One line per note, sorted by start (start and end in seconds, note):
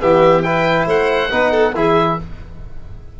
0.00 0.86 E3
0.00 0.43 B3
0.00 0.45 G4
0.00 0.42 E5
0.42 1.30 E4
0.42 0.87 B4
0.42 0.85 G5
0.86 1.29 A3
0.86 1.31 C5
0.86 1.75 F#5
1.30 1.74 B3
1.30 1.73 D#4
1.30 1.51 B4
1.51 1.73 A4
1.74 2.18 E3
1.74 2.18 E4
1.74 2.19 G#4
1.74 2.20 E5